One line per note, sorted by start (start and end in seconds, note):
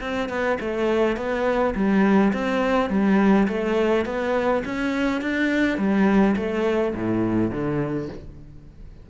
0.00 0.29 C4
0.29 0.58 B3
0.60 1.16 A3
1.16 1.74 B3
1.75 2.32 G3
2.33 2.90 C4
2.90 3.47 G3
3.47 4.05 A3
4.05 4.63 B3
4.65 5.21 C#4
5.21 5.77 D4
5.77 6.35 G3
6.36 6.94 A3
6.95 7.51 A2
7.51 8.08 D3